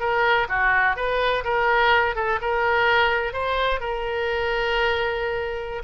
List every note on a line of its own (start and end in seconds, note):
0.00 0.48 A#4
0.49 0.96 F#4
0.96 1.44 B4
1.44 2.15 A#4
2.15 2.39 A4
2.41 3.33 A#4
3.33 3.80 C5
3.80 5.82 A#4